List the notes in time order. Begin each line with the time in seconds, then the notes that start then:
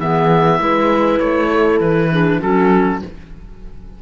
0.00 E3 B3 G#4 E5
0.60 G#3 E4 B4
1.20 A3 C#5
1.51 A4
1.80 E3 B4
2.12 D4 G#4
2.40 F#3 C#4 F#4 A4